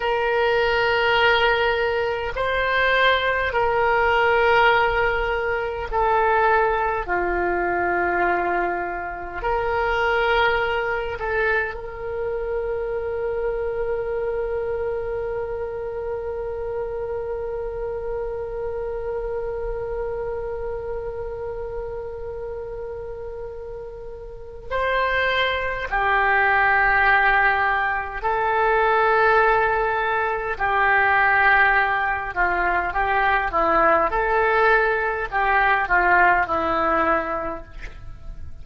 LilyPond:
\new Staff \with { instrumentName = "oboe" } { \time 4/4 \tempo 4 = 51 ais'2 c''4 ais'4~ | ais'4 a'4 f'2 | ais'4. a'8 ais'2~ | ais'1~ |
ais'1~ | ais'4 c''4 g'2 | a'2 g'4. f'8 | g'8 e'8 a'4 g'8 f'8 e'4 | }